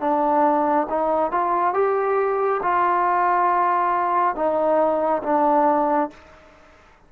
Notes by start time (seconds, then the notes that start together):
0.00 D4
0.89 D#4
1.32 F4
1.74 G4
2.62 F4
4.35 D#4
5.23 D4